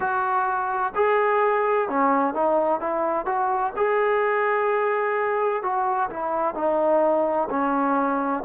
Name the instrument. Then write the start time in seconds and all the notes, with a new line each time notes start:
trombone
0.00 F#4
0.95 G#4
1.88 C#4
2.34 D#4
2.80 E4
3.26 F#4
3.76 G#4
5.62 F#4
6.09 E4
6.54 D#4
7.50 C#4